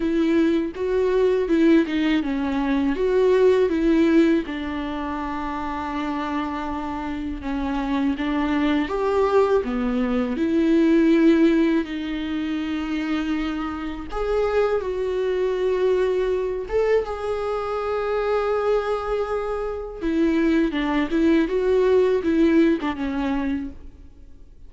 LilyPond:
\new Staff \with { instrumentName = "viola" } { \time 4/4 \tempo 4 = 81 e'4 fis'4 e'8 dis'8 cis'4 | fis'4 e'4 d'2~ | d'2 cis'4 d'4 | g'4 b4 e'2 |
dis'2. gis'4 | fis'2~ fis'8 a'8 gis'4~ | gis'2. e'4 | d'8 e'8 fis'4 e'8. d'16 cis'4 | }